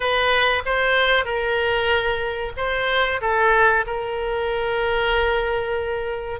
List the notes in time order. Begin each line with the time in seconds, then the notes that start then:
0.00 B4
0.65 C5
1.24 A#4
2.56 C5
3.21 A4
3.86 A#4